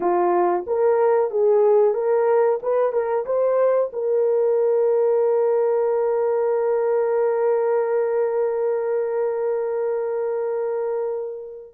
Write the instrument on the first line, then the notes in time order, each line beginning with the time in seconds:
horn
0.00 F4
0.66 A#4
1.30 G#4
1.94 A#4
2.62 B4
2.92 A#4
3.25 C5
3.92 A#4